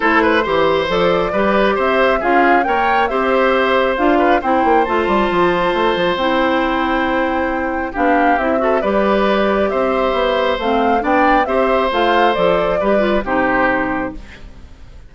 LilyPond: <<
  \new Staff \with { instrumentName = "flute" } { \time 4/4 \tempo 4 = 136 c''2 d''2 | e''4 f''4 g''4 e''4~ | e''4 f''4 g''4 a''4~ | a''2 g''2~ |
g''2 f''4 e''4 | d''2 e''2 | f''4 g''4 e''4 f''4 | d''2 c''2 | }
  \new Staff \with { instrumentName = "oboe" } { \time 4/4 a'8 b'8 c''2 b'4 | c''4 gis'4 cis''4 c''4~ | c''4. b'8 c''2~ | c''1~ |
c''2 g'4. a'8 | b'2 c''2~ | c''4 d''4 c''2~ | c''4 b'4 g'2 | }
  \new Staff \with { instrumentName = "clarinet" } { \time 4/4 e'4 g'4 a'4 g'4~ | g'4 f'4 ais'4 g'4~ | g'4 f'4 e'4 f'4~ | f'2 e'2~ |
e'2 d'4 e'8 fis'8 | g'1 | c'4 d'4 g'4 f'4 | a'4 g'8 f'8 dis'2 | }
  \new Staff \with { instrumentName = "bassoon" } { \time 4/4 a4 e4 f4 g4 | c'4 cis'4 ais4 c'4~ | c'4 d'4 c'8 ais8 a8 g8 | f4 a8 f8 c'2~ |
c'2 b4 c'4 | g2 c'4 b4 | a4 b4 c'4 a4 | f4 g4 c2 | }
>>